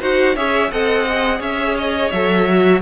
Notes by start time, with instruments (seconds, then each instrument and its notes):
0.00 cello D#4, viola F#4, violin C5 F#5
0.35 cello C#4, viola G#4, violin C#5 E5
0.71 cello C4, viola A4, violin D#5 F#5
1.09 viola G#4
1.39 cello C#4, violin C#5 E5
1.77 violin D#5
2.11 cello F#3, viola A4, violin E5
2.49 viola F#4